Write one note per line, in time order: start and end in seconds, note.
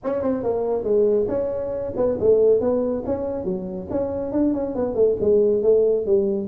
0.03 0.22 C#4
0.22 0.43 C4
0.43 0.83 A#3
0.83 1.26 G#3
1.28 1.93 C#4
1.96 2.17 B3
2.20 2.60 A3
2.60 3.03 B3
3.05 3.44 C#4
3.44 3.87 F#3
3.90 4.31 C#4
4.31 4.53 D4
4.53 4.75 C#4
4.75 4.94 B3
4.94 5.16 A3
5.20 5.63 G#3
5.63 6.06 A3
6.06 6.47 G3